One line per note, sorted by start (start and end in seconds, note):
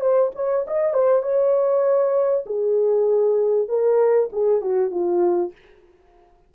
0.00 0.31 C5
0.35 0.65 C#5
0.67 0.93 D#5
0.93 1.22 C5
1.22 2.44 C#5
2.46 3.68 G#4
3.68 4.29 A#4
4.32 4.61 G#4
4.61 4.90 F#4
4.90 5.52 F4